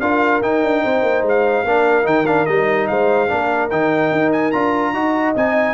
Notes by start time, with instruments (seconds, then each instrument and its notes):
0.00 tuba D4, trombone F4, horn A#4, trumpet F5
0.42 tuba D#4, trombone D#4, trumpet G5
0.63 tuba D4
0.84 tuba C4, horn C5
1.02 tuba A#3
1.22 tuba G#3
1.28 trumpet F5
1.64 tuba A#3, trombone D4, horn A#4
2.03 tuba D#3, trombone D#4, trumpet G5
2.26 trombone D4, trumpet F5
2.46 tuba G3, trombone D#4, trumpet D#5
2.87 tuba G#3, horn C5, trumpet F5
3.28 tuba A#3, trombone D4, horn A#4
3.70 tuba D#3, trombone D#4, trumpet G5
4.11 tuba D#4
4.32 trumpet G#5
4.51 tuba D4, trombone F4, trumpet A#5
4.93 tuba D#4, trombone F#4, horn D#5
5.35 tuba C4, trombone D#4, trumpet G#5